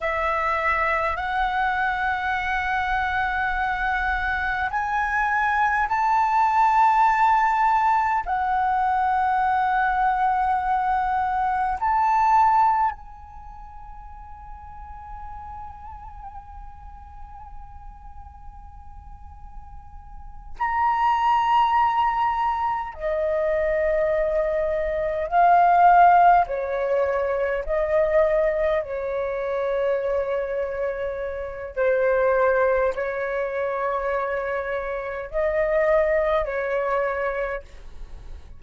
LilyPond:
\new Staff \with { instrumentName = "flute" } { \time 4/4 \tempo 4 = 51 e''4 fis''2. | gis''4 a''2 fis''4~ | fis''2 a''4 gis''4~ | gis''1~ |
gis''4. ais''2 dis''8~ | dis''4. f''4 cis''4 dis''8~ | dis''8 cis''2~ cis''8 c''4 | cis''2 dis''4 cis''4 | }